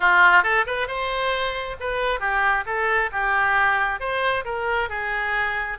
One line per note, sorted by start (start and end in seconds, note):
0.00 0.43 F4
0.43 0.65 A4
0.66 0.87 B4
0.87 1.76 C5
1.80 2.19 B4
2.19 2.64 G4
2.66 3.10 A4
3.12 3.99 G4
3.99 4.44 C5
4.44 4.89 A#4
4.89 5.78 G#4